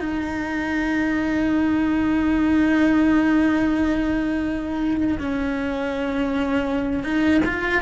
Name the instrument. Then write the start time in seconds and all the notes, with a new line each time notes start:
cello
0.00 D#4
5.20 C#4
7.04 D#4
7.45 F4